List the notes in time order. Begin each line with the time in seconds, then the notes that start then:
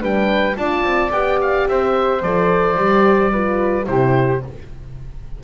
0.00 G3 D4 B4 G5
0.56 D4 F4 D5 A5
0.83 C4
1.12 B3 G4 G5
1.41 F5
1.68 C4 C5 E5
2.22 F3 A4 D5
2.77 G3 G4
3.32 F4 B4
3.85 C3 E4 G4 C5